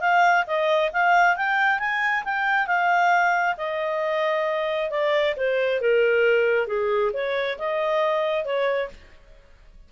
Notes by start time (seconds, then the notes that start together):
0.00 F5
0.46 D#5
0.93 F5
1.36 G5
1.79 G#5
2.24 G5
2.66 F5
3.57 D#5
4.90 D5
5.36 C5
5.81 A#4
6.67 G#4
7.13 C#5
7.58 D#5
8.44 C#5